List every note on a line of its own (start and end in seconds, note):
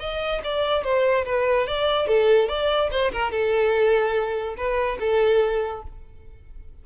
0.00 0.41 D#5
0.44 0.84 D5
0.84 1.25 C5
1.26 1.67 B4
1.67 2.07 D5
2.07 2.49 A4
2.49 2.90 D5
2.91 3.12 C5
3.12 3.31 A#4
3.31 4.55 A4
4.57 4.98 B4
5.00 5.83 A4